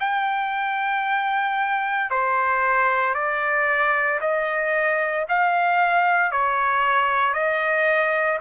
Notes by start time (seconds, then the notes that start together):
0.00 G5
2.10 C5
3.14 D5
4.21 D#5
5.29 F5
6.31 C#5
7.33 D#5